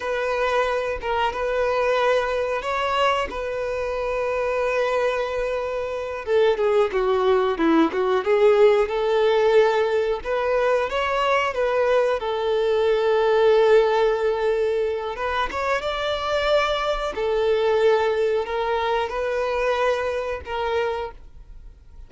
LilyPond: \new Staff \with { instrumentName = "violin" } { \time 4/4 \tempo 4 = 91 b'4. ais'8 b'2 | cis''4 b'2.~ | b'4. a'8 gis'8 fis'4 e'8 | fis'8 gis'4 a'2 b'8~ |
b'8 cis''4 b'4 a'4.~ | a'2. b'8 cis''8 | d''2 a'2 | ais'4 b'2 ais'4 | }